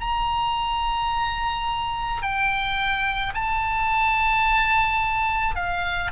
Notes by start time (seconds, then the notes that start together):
0.00 A#5
2.22 G5
3.34 A5
5.56 F5